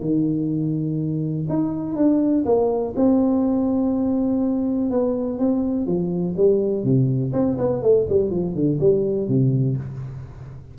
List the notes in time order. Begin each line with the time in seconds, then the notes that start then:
0.00 D#3
1.49 D#4
1.95 D4
2.45 A#3
2.96 C4
4.90 B3
5.38 C4
5.86 F3
6.36 G3
6.83 C3
7.33 C4
7.58 B3
7.82 A3
8.09 G3
8.30 F3
8.54 D3
8.80 G3
9.27 C3